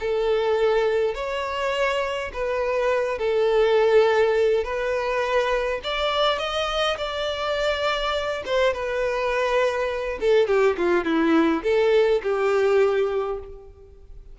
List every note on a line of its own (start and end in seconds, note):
0.00 1.15 A4
1.15 2.31 C#5
2.33 3.19 B4
3.19 4.64 A4
4.64 5.80 B4
5.84 6.38 D5
6.38 6.97 D#5
6.98 8.43 D5
8.46 8.73 C5
8.73 10.19 B4
10.20 10.47 A4
10.47 10.76 G4
10.77 11.04 F4
11.04 11.63 E4
11.63 12.22 A4
12.23 13.39 G4